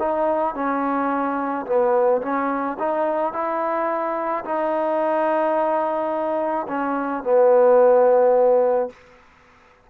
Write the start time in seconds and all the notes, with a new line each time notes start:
0.00 D#4
0.55 C#4
1.67 B3
2.22 C#4
2.79 D#4
3.34 E4
4.45 D#4
6.68 C#4
7.24 B3